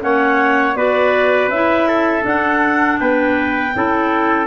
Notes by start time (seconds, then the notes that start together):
0.00 A#3 C#4 C#5 F#5
0.75 B3 F#4 B4 D5
1.48 C#4 E4 E5
1.87 A4
2.22 D4 F#5
2.98 B3 B4 G5
3.75 C#4 E4 A4